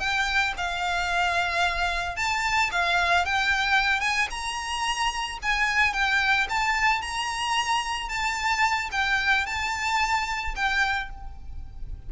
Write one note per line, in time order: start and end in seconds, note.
0.00 0.54 G5
0.57 2.16 F5
2.16 2.71 A5
2.72 3.25 F5
3.25 4.01 G5
4.01 4.28 G#5
4.30 5.39 A#5
5.43 5.93 G#5
5.93 6.47 G5
6.49 7.02 A5
7.02 8.09 A#5
8.09 8.90 A5
8.92 9.46 G5
9.46 10.55 A5
10.56 11.10 G5